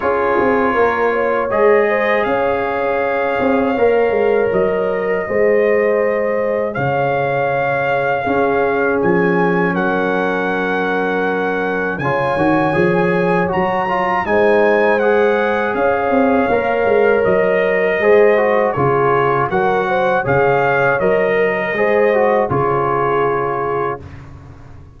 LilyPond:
<<
  \new Staff \with { instrumentName = "trumpet" } { \time 4/4 \tempo 4 = 80 cis''2 dis''4 f''4~ | f''2 dis''2~ | dis''4 f''2. | gis''4 fis''2. |
gis''2 ais''4 gis''4 | fis''4 f''2 dis''4~ | dis''4 cis''4 fis''4 f''4 | dis''2 cis''2 | }
  \new Staff \with { instrumentName = "horn" } { \time 4/4 gis'4 ais'8 cis''4 c''8 cis''4~ | cis''2. c''4~ | c''4 cis''2 gis'4~ | gis'4 ais'2. |
cis''2. c''4~ | c''4 cis''2. | c''4 gis'4 ais'8 c''8 cis''4~ | cis''8 ais'8 c''4 gis'2 | }
  \new Staff \with { instrumentName = "trombone" } { \time 4/4 f'2 gis'2~ | gis'4 ais'2 gis'4~ | gis'2. cis'4~ | cis'1 |
f'8 fis'8 gis'4 fis'8 f'8 dis'4 | gis'2 ais'2 | gis'8 fis'8 f'4 fis'4 gis'4 | ais'4 gis'8 fis'8 f'2 | }
  \new Staff \with { instrumentName = "tuba" } { \time 4/4 cis'8 c'8 ais4 gis4 cis'4~ | cis'8 c'8 ais8 gis8 fis4 gis4~ | gis4 cis2 cis'4 | f4 fis2. |
cis8 dis8 f4 fis4 gis4~ | gis4 cis'8 c'8 ais8 gis8 fis4 | gis4 cis4 fis4 cis4 | fis4 gis4 cis2 | }
>>